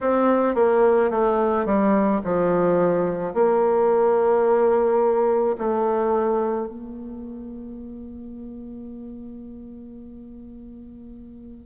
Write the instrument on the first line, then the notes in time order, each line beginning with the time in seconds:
bassoon
0.01 C4
0.55 A#3
1.10 A3
1.65 G3
2.24 F3
3.34 A#3
5.58 A3
6.67 A#3